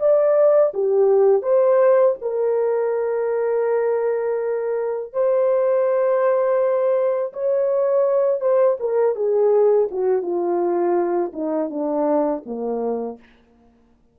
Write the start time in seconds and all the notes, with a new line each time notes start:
0.00 D5
0.74 G4
1.43 C5
2.22 A#4
5.14 C5
7.34 C#5
8.41 C5
8.80 A#4
9.16 G#4
9.91 F#4
10.23 F4
11.33 D#4
11.70 D4
12.46 A#3